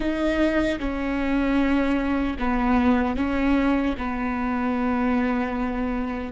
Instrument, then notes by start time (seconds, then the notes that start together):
viola
0.00 D#4
0.79 C#4
2.39 B3
3.16 C#4
3.97 B3